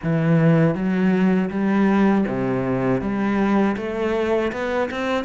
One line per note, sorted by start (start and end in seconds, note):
0.02 0.74 E3
0.74 1.49 F#3
1.50 2.25 G3
2.27 3.01 C3
3.01 3.76 G3
3.77 4.52 A3
4.52 4.90 B3
4.90 5.24 C4